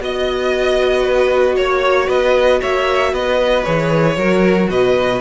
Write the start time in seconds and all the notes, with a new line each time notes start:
0.00 B3 F#4 D#5
1.03 B4
1.56 A#3 C#5
2.08 B3 B4 D#5
2.61 A#3 C#5 E5
3.13 B3 B4 D#5
3.64 E3 G#4 C#5
4.17 F#3 F#4 A#4
4.70 B2 B4 D#5